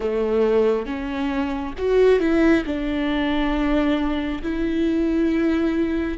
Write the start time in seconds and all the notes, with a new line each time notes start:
0.00 A3
0.85 C#4
1.78 F#4
2.19 E4
2.65 D4
4.42 E4